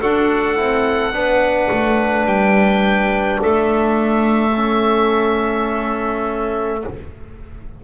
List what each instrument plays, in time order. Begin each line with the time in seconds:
0.00 double bass D4, trombone F#4, clarinet A4, oboe F#5
0.56 double bass C4, trombone E4
1.12 double bass B3, trombone D4, clarinet B4
1.70 double bass A3
2.25 double bass G3, oboe G5
3.40 double bass A3, clarinet A4, oboe E5
4.55 trombone C#4